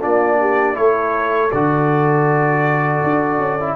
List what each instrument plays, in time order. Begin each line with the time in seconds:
0.00 tuba A#3, trombone D4, horn F4, trumpet D5
0.40 horn G4
0.74 tuba A3, trombone E4, horn A4, trumpet C#5
1.51 tuba D3, trombone F#4, trumpet D5
3.03 tuba D4
3.38 tuba C#4
3.60 trombone E4